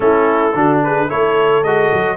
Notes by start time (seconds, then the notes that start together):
0.00 A3 C#4 E4 A4
0.54 D3 D4 F#4
0.83 G#4 B4
1.08 A3 E4 A4 C#5
1.63 G#3 F#4 D#5
1.92 F#3